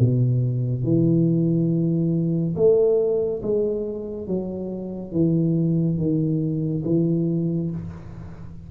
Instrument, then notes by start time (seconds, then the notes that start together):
tuba
0.00 B2
0.84 E3
2.56 A3
3.43 G#3
4.27 F#3
5.12 E3
5.98 D#3
6.85 E3